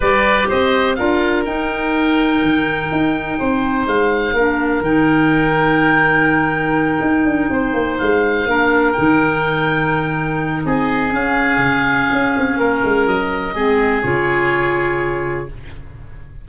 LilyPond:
<<
  \new Staff \with { instrumentName = "oboe" } { \time 4/4 \tempo 4 = 124 d''4 dis''4 f''4 g''4~ | g''1 | f''2 g''2~ | g''1~ |
g''8 f''2 g''4.~ | g''2 dis''4 f''4~ | f''2. dis''4~ | dis''4 cis''2. | }
  \new Staff \with { instrumentName = "oboe" } { \time 4/4 b'4 c''4 ais'2~ | ais'2. c''4~ | c''4 ais'2.~ | ais'2.~ ais'8 c''8~ |
c''4. ais'2~ ais'8~ | ais'2 gis'2~ | gis'2 ais'2 | gis'1 | }
  \new Staff \with { instrumentName = "clarinet" } { \time 4/4 g'2 f'4 dis'4~ | dis'1~ | dis'4 d'4 dis'2~ | dis'1~ |
dis'4. d'4 dis'4.~ | dis'2. cis'4~ | cis'1 | c'4 f'2. | }
  \new Staff \with { instrumentName = "tuba" } { \time 4/4 g4 c'4 d'4 dis'4~ | dis'4 dis4 dis'4 c'4 | gis4 ais4 dis2~ | dis2~ dis8 dis'8 d'8 c'8 |
ais8 gis4 ais4 dis4.~ | dis2 c'4 cis'4 | cis4 cis'8 c'8 ais8 gis8 fis4 | gis4 cis2. | }
>>